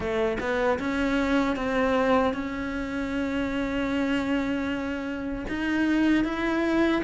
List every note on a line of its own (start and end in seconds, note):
0.00 0.37 A3
0.40 0.79 B3
0.79 1.55 C#4
1.55 2.33 C4
2.33 5.45 C#4
5.48 6.24 D#4
6.24 7.02 E4